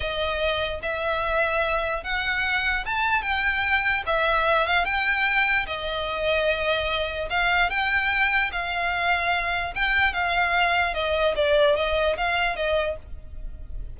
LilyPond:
\new Staff \with { instrumentName = "violin" } { \time 4/4 \tempo 4 = 148 dis''2 e''2~ | e''4 fis''2 a''4 | g''2 e''4. f''8 | g''2 dis''2~ |
dis''2 f''4 g''4~ | g''4 f''2. | g''4 f''2 dis''4 | d''4 dis''4 f''4 dis''4 | }